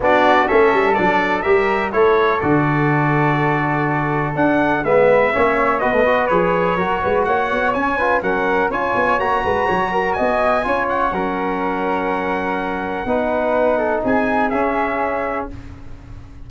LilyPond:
<<
  \new Staff \with { instrumentName = "trumpet" } { \time 4/4 \tempo 4 = 124 d''4 e''4 d''4 e''4 | cis''4 d''2.~ | d''4 fis''4 e''2 | dis''4 cis''2 fis''4 |
gis''4 fis''4 gis''4 ais''4~ | ais''4 gis''4. fis''4.~ | fis''1~ | fis''4 gis''4 e''2 | }
  \new Staff \with { instrumentName = "flute" } { \time 4/4 fis'4 a'2 ais'4 | a'1~ | a'2 b'4 cis''4 | b'2 ais'8 b'8 cis''4~ |
cis''8 b'8 ais'4 cis''4. b'8 | cis''8 ais'8 dis''4 cis''4 ais'4~ | ais'2. b'4~ | b'8 a'8 gis'2. | }
  \new Staff \with { instrumentName = "trombone" } { \time 4/4 d'4 cis'4 d'4 g'4 | e'4 fis'2.~ | fis'4 d'4 b4 cis'4 | fis'16 a16 fis'8 gis'4 fis'2 |
cis'8 f'8 cis'4 f'4 fis'4~ | fis'2 f'4 cis'4~ | cis'2. dis'4~ | dis'2 cis'2 | }
  \new Staff \with { instrumentName = "tuba" } { \time 4/4 b4 a8 g8 fis4 g4 | a4 d2.~ | d4 d'4 gis4 ais4 | b4 f4 fis8 gis8 ais8 b8 |
cis'4 fis4 cis'8 b8 ais8 gis8 | fis4 b4 cis'4 fis4~ | fis2. b4~ | b4 c'4 cis'2 | }
>>